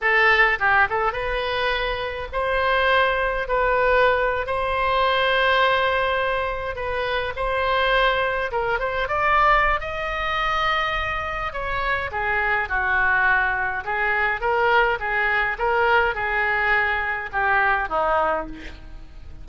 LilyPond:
\new Staff \with { instrumentName = "oboe" } { \time 4/4 \tempo 4 = 104 a'4 g'8 a'8 b'2 | c''2 b'4.~ b'16 c''16~ | c''2.~ c''8. b'16~ | b'8. c''2 ais'8 c''8 d''16~ |
d''4 dis''2. | cis''4 gis'4 fis'2 | gis'4 ais'4 gis'4 ais'4 | gis'2 g'4 dis'4 | }